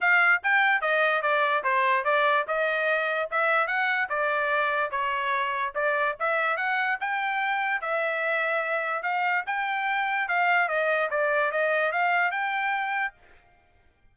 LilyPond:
\new Staff \with { instrumentName = "trumpet" } { \time 4/4 \tempo 4 = 146 f''4 g''4 dis''4 d''4 | c''4 d''4 dis''2 | e''4 fis''4 d''2 | cis''2 d''4 e''4 |
fis''4 g''2 e''4~ | e''2 f''4 g''4~ | g''4 f''4 dis''4 d''4 | dis''4 f''4 g''2 | }